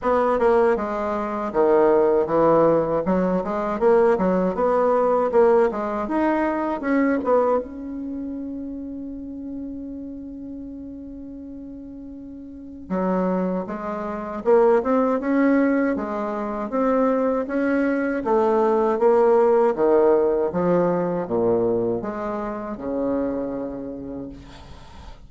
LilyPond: \new Staff \with { instrumentName = "bassoon" } { \time 4/4 \tempo 4 = 79 b8 ais8 gis4 dis4 e4 | fis8 gis8 ais8 fis8 b4 ais8 gis8 | dis'4 cis'8 b8 cis'2~ | cis'1~ |
cis'4 fis4 gis4 ais8 c'8 | cis'4 gis4 c'4 cis'4 | a4 ais4 dis4 f4 | ais,4 gis4 cis2 | }